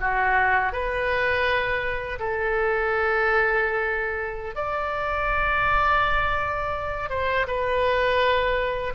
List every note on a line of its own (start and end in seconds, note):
0.00 0.73 F#4
0.73 2.19 B4
2.20 4.56 A4
4.56 7.10 D5
7.10 7.47 C5
7.47 8.94 B4